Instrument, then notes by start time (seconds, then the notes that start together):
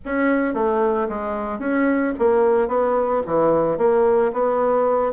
bassoon
0.05 C#4
0.54 A3
1.08 G#3
1.59 C#4
2.18 A#3
2.68 B3
3.26 E3
3.77 A#3
4.32 B3